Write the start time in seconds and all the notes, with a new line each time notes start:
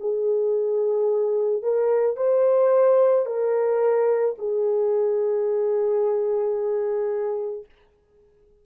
0.00 G#4
1.63 A#4
2.17 C5
3.26 A#4
4.38 G#4